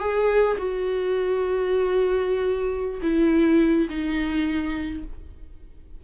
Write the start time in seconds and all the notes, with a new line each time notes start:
0.00 G#4
0.58 F#4
3.02 E4
3.90 D#4